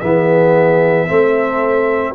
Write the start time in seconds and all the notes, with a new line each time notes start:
0.00 E3 B3 G#4 E5
1.08 A3 C4 A4